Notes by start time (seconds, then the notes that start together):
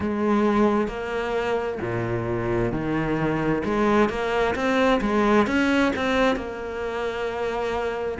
0.00 G#3
0.87 A#3
1.81 A#2
2.71 D#3
3.64 G#3
4.09 A#3
4.55 C4
5.01 G#3
5.46 C#4
5.95 C4
6.36 A#3